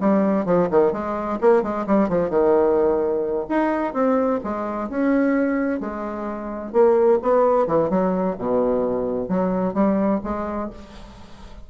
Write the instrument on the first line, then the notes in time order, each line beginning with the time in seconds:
bassoon
0.00 G3
0.45 F3
0.71 D#3
0.92 G#3
1.41 A#3
1.63 G#3
1.87 G3
2.09 F3
2.30 D#3
3.49 D#4
3.93 C4
4.44 G#3
4.89 C#4
5.80 G#3
6.73 A#3
7.22 B3
7.67 E3
7.90 F#3
8.38 B2
9.29 F#3
9.74 G3
10.24 G#3